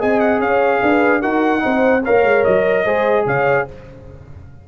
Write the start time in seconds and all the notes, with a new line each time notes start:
0.00 C4 G#4 D#5 G#5
0.20 F#5
0.40 C#4 C#5 F5
0.82 D4 B4
1.22 D#4 F#4 A#4 F#5
1.60 C4 D#4 C5
2.04 A#3 A#4 C#5 F5
2.24 G#3
2.45 F#3 D#5
2.85 G#3 G#4 C5
3.26 C#3 C#5 F5